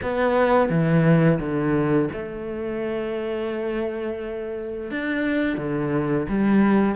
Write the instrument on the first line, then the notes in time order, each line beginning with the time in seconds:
cello
0.02 B3
0.69 E3
1.39 D3
2.12 A3
4.90 D4
5.57 D3
6.29 G3